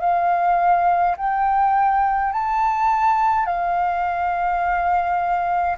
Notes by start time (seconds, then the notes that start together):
0.00 F5
1.17 G5
2.32 A5
3.46 F5